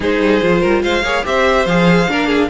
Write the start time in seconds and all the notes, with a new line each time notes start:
0.00 G#3 D#4 G#4 C5
0.20 G3
0.41 F3 F4
0.61 G3 A#4
0.83 G#3 C5 F5
1.02 A#3 G#4 C#5
1.24 C4 G4 C5 E5
1.65 F3 G#4 F5
2.07 A#3 D4 A#4
2.27 G#4